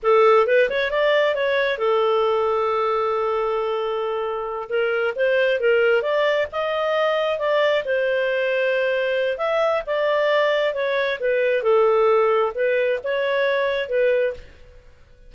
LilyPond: \new Staff \with { instrumentName = "clarinet" } { \time 4/4 \tempo 4 = 134 a'4 b'8 cis''8 d''4 cis''4 | a'1~ | a'2~ a'8 ais'4 c''8~ | c''8 ais'4 d''4 dis''4.~ |
dis''8 d''4 c''2~ c''8~ | c''4 e''4 d''2 | cis''4 b'4 a'2 | b'4 cis''2 b'4 | }